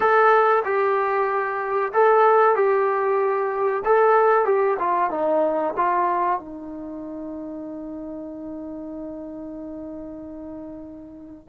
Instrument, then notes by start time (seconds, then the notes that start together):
trombone
0.00 A4
0.64 G4
1.93 A4
2.55 G4
3.84 A4
4.45 G4
4.79 F4
5.10 D#4
5.76 F4
6.39 D#4